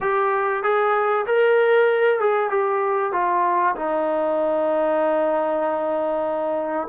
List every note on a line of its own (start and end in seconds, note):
0.00 0.63 G4
0.63 1.25 G#4
1.26 2.19 A#4
2.19 2.50 G#4
2.50 3.12 G4
3.12 3.75 F4
3.75 6.88 D#4